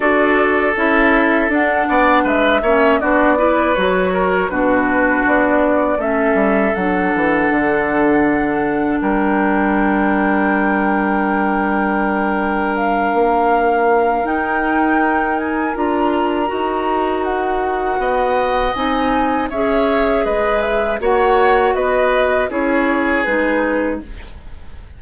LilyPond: <<
  \new Staff \with { instrumentName = "flute" } { \time 4/4 \tempo 4 = 80 d''4 e''4 fis''4 e''4 | d''4 cis''4 b'4 d''4 | e''4 fis''2. | g''1~ |
g''4 f''2 g''4~ | g''8 gis''8 ais''2 fis''4~ | fis''4 gis''4 e''4 dis''8 e''8 | fis''4 dis''4 cis''4 b'4 | }
  \new Staff \with { instrumentName = "oboe" } { \time 4/4 a'2~ a'8 d''8 b'8 cis''8 | fis'8 b'4 ais'8 fis'2 | a'1 | ais'1~ |
ais'1~ | ais'1 | dis''2 cis''4 b'4 | cis''4 b'4 gis'2 | }
  \new Staff \with { instrumentName = "clarinet" } { \time 4/4 fis'4 e'4 d'4. cis'8 | d'8 e'8 fis'4 d'2 | cis'4 d'2.~ | d'1~ |
d'2. dis'4~ | dis'4 f'4 fis'2~ | fis'4 dis'4 gis'2 | fis'2 e'4 dis'4 | }
  \new Staff \with { instrumentName = "bassoon" } { \time 4/4 d'4 cis'4 d'8 b8 gis8 ais8 | b4 fis4 b,4 b4 | a8 g8 fis8 e8 d2 | g1~ |
g4. ais4. dis'4~ | dis'4 d'4 dis'2 | b4 c'4 cis'4 gis4 | ais4 b4 cis'4 gis4 | }
>>